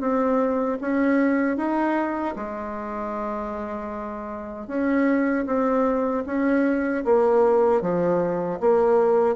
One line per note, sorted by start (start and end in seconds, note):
0.00 0.78 C4
0.81 1.57 C#4
1.57 2.35 D#4
2.36 4.67 G#3
4.67 5.45 C#4
5.46 6.24 C4
6.26 7.04 C#4
7.04 7.81 A#3
7.81 8.59 F3
8.60 9.35 A#3